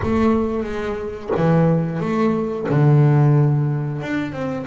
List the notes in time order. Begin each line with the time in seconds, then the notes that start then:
0.02 A3
0.63 G#3
1.37 E3
2.00 A3
2.68 D3
4.02 D4
4.32 C4